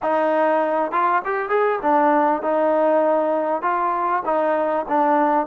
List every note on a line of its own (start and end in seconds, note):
0.02 0.91 D#4
0.91 1.21 F4
1.24 1.48 G4
1.48 1.79 G#4
1.82 2.42 D4
2.42 3.62 D#4
3.62 4.22 F4
4.25 4.85 D#4
4.88 5.46 D4